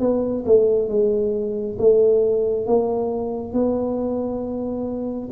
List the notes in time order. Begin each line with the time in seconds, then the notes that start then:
0.00 B3
0.46 A3
0.89 G#3
1.78 A3
2.67 A#3
3.53 B3